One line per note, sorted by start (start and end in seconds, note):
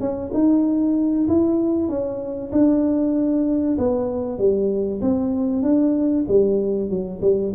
0.00 0.31 C#4
0.34 1.27 D#4
1.28 1.88 E4
1.88 2.51 C#4
2.52 3.77 D4
3.78 4.38 B3
4.38 5.01 G3
5.01 5.62 C4
5.62 6.25 D4
6.28 6.89 G3
6.89 7.21 F#3
7.22 7.53 G3